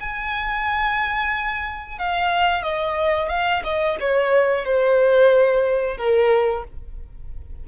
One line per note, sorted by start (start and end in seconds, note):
0.00 1.98 G#5
1.98 2.62 F5
2.62 3.29 D#5
3.29 3.62 F5
3.63 3.97 D#5
4.00 4.65 C#5
4.65 5.97 C5
5.97 6.64 A#4